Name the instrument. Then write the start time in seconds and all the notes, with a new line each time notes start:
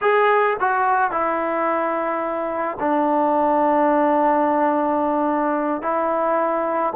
trombone
0.01 G#4
0.60 F#4
1.11 E4
2.79 D4
5.82 E4